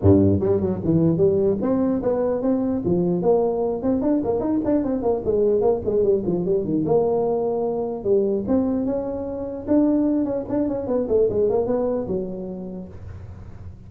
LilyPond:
\new Staff \with { instrumentName = "tuba" } { \time 4/4 \tempo 4 = 149 g,4 g8 fis8 e4 g4 | c'4 b4 c'4 f4 | ais4. c'8 d'8 ais8 dis'8 d'8 | c'8 ais8 gis4 ais8 gis8 g8 f8 |
g8 dis8 ais2. | g4 c'4 cis'2 | d'4. cis'8 d'8 cis'8 b8 a8 | gis8 ais8 b4 fis2 | }